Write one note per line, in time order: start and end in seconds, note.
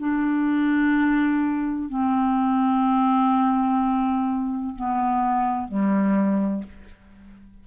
0.00 1.89 D4
1.89 4.75 C4
4.76 5.68 B3
5.68 6.64 G3